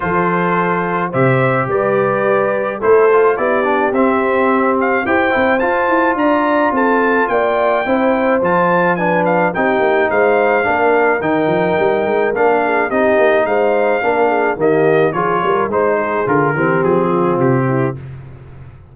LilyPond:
<<
  \new Staff \with { instrumentName = "trumpet" } { \time 4/4 \tempo 4 = 107 c''2 e''4 d''4~ | d''4 c''4 d''4 e''4~ | e''8 f''8 g''4 a''4 ais''4 | a''4 g''2 a''4 |
gis''8 f''8 g''4 f''2 | g''2 f''4 dis''4 | f''2 dis''4 cis''4 | c''4 ais'4 gis'4 g'4 | }
  \new Staff \with { instrumentName = "horn" } { \time 4/4 a'2 c''4 b'4~ | b'4 a'4 g'2~ | g'4 c''2 d''4 | a'4 d''4 c''2 |
b'4 g'4 c''4 ais'4~ | ais'2~ ais'8 gis'8 g'4 | c''4 ais'8 gis'8 g'4 gis'8 ais'8 | c''8 gis'4 g'4 f'4 e'8 | }
  \new Staff \with { instrumentName = "trombone" } { \time 4/4 f'2 g'2~ | g'4 e'8 f'8 e'8 d'8 c'4~ | c'4 g'8 e'8 f'2~ | f'2 e'4 f'4 |
d'4 dis'2 d'4 | dis'2 d'4 dis'4~ | dis'4 d'4 ais4 f'4 | dis'4 f'8 c'2~ c'8 | }
  \new Staff \with { instrumentName = "tuba" } { \time 4/4 f2 c4 g4~ | g4 a4 b4 c'4~ | c'4 e'8 c'8 f'8 e'8 d'4 | c'4 ais4 c'4 f4~ |
f4 c'8 ais8 gis4 ais4 | dis8 f8 g8 gis8 ais4 c'8 ais8 | gis4 ais4 dis4 f8 g8 | gis4 d8 e8 f4 c4 | }
>>